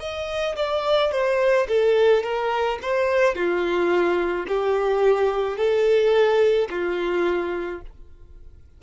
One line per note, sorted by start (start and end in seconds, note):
0.00 0.56 D#5
0.56 1.11 D5
1.12 1.67 C5
1.68 2.23 A4
2.23 2.79 A#4
2.82 3.35 C5
3.35 4.46 F4
4.47 5.57 G4
5.57 6.68 A4
6.70 7.81 F4